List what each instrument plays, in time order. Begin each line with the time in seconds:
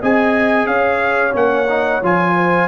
0.00 tuba C4, trombone G#4, horn D#5, trumpet G#5
0.67 tuba C#4, horn C#5, trumpet F5
1.32 tuba A#3, trombone C#4, trumpet F#5
1.69 trombone D#4
2.03 tuba F3, trombone F4, trumpet G#5
2.36 horn C5